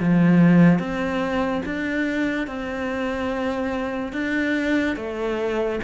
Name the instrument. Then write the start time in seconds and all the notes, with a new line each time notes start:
cello
0.00 F3
0.79 C4
1.66 D4
2.47 C4
4.13 D4
4.96 A3